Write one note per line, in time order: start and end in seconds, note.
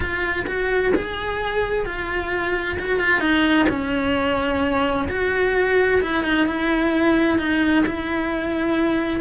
0.00 0.45 F4
0.46 0.93 F#4
0.95 1.85 G#4
1.85 2.77 F4
2.79 2.99 F#4
2.99 3.20 F4
3.20 3.66 D#4
3.69 5.07 C#4
5.09 6.01 F#4
6.01 6.23 E4
6.23 6.46 D#4
6.46 7.38 E4
7.38 7.84 D#4
7.85 9.20 E4